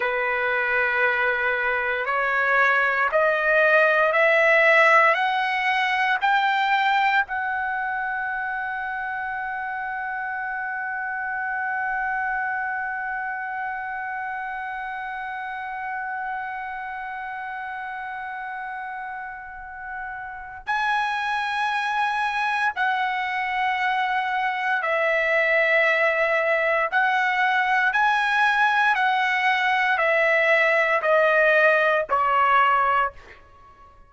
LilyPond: \new Staff \with { instrumentName = "trumpet" } { \time 4/4 \tempo 4 = 58 b'2 cis''4 dis''4 | e''4 fis''4 g''4 fis''4~ | fis''1~ | fis''1~ |
fis''1 | gis''2 fis''2 | e''2 fis''4 gis''4 | fis''4 e''4 dis''4 cis''4 | }